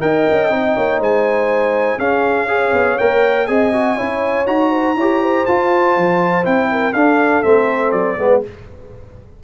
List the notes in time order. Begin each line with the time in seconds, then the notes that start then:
0.00 D#4 A#4 D#5 G5
0.31 C#4
0.49 C4 D#4
0.76 A#3 C#5
0.99 G#3 C5 G#5
1.98 C#4 G#4 F5
2.48 G#4 C#5
2.73 B3
2.98 A#3 A#4 G5
3.46 C4 G#4 D#5 G#5
3.73 F#4
3.96 C#4 E4 C#5
4.46 D#4 F#4 A#5
4.70 C5
4.96 E4 G4 C#5
5.21 C5
5.46 F4 A5
5.96 F3
6.43 C4 E4 G5
6.71 A#4
6.93 D4 A4 F5
7.43 A3 C4 E5
7.91 F#3 D5
8.18 G#3 B3 B4